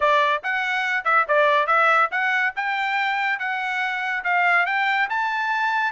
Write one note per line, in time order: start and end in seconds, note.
0.00 0.42 D5
0.43 1.04 F#5
1.04 1.25 E5
1.28 1.67 D5
1.67 2.09 E5
2.11 2.53 F#5
2.56 3.39 G5
3.39 4.23 F#5
4.23 4.66 F5
4.66 5.08 G5
5.09 5.92 A5